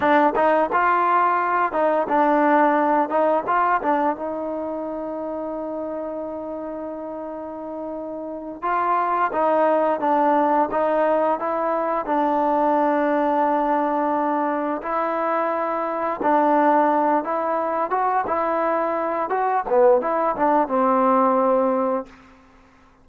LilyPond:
\new Staff \with { instrumentName = "trombone" } { \time 4/4 \tempo 4 = 87 d'8 dis'8 f'4. dis'8 d'4~ | d'8 dis'8 f'8 d'8 dis'2~ | dis'1~ | dis'8 f'4 dis'4 d'4 dis'8~ |
dis'8 e'4 d'2~ d'8~ | d'4. e'2 d'8~ | d'4 e'4 fis'8 e'4. | fis'8 b8 e'8 d'8 c'2 | }